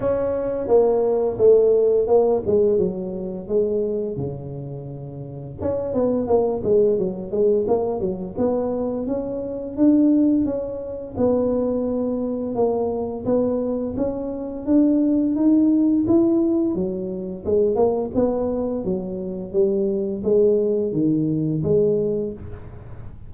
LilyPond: \new Staff \with { instrumentName = "tuba" } { \time 4/4 \tempo 4 = 86 cis'4 ais4 a4 ais8 gis8 | fis4 gis4 cis2 | cis'8 b8 ais8 gis8 fis8 gis8 ais8 fis8 | b4 cis'4 d'4 cis'4 |
b2 ais4 b4 | cis'4 d'4 dis'4 e'4 | fis4 gis8 ais8 b4 fis4 | g4 gis4 dis4 gis4 | }